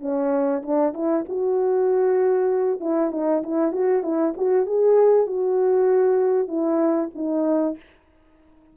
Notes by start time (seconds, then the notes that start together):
0.00 C#4
0.62 D4
0.94 E4
1.28 F#4
2.80 E4
3.11 D#4
3.43 E4
3.72 F#4
4.03 E4
4.37 F#4
4.66 G#4
5.27 F#4
6.48 E4
7.15 D#4